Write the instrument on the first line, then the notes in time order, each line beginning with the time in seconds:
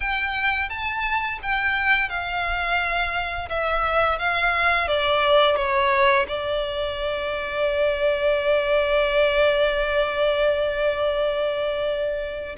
violin
0.00 G5
0.69 A5
1.42 G5
2.09 F5
3.49 E5
4.18 F5
4.87 D5
5.56 C#5
6.28 D5